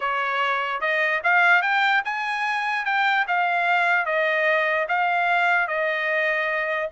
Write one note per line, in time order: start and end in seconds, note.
0.00 0.81 C#5
0.81 1.21 D#5
1.23 1.61 F5
1.61 2.02 G5
2.05 2.85 G#5
2.85 3.25 G5
3.27 4.05 F5
4.05 4.86 D#5
4.88 5.67 F5
5.67 6.89 D#5